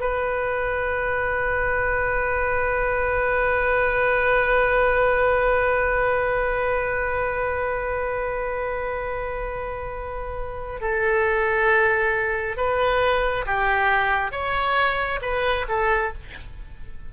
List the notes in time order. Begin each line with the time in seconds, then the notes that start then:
0.00 B4
10.81 A4
12.57 B4
13.46 G4
14.32 C#5
15.22 B4
15.69 A4